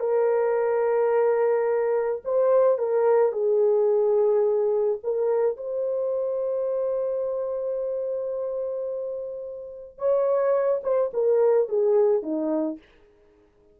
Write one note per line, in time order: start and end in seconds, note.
0.00 2.22 A#4
2.25 2.78 C5
2.78 3.32 A#4
3.32 4.99 G#4
5.03 5.57 A#4
5.57 9.98 C5
9.98 10.82 C#5
10.83 11.11 C5
11.14 11.69 A#4
11.69 12.23 G#4
12.23 12.78 D#4